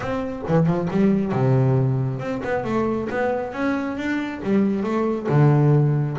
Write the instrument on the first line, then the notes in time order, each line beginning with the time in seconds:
double bass
0.00 C4
0.47 E3
0.66 F3
0.90 G3
1.32 C3
2.19 C4
2.43 B3
2.64 A3
3.09 B3
3.53 C#4
3.97 D4
4.43 G3
4.83 A3
5.28 D3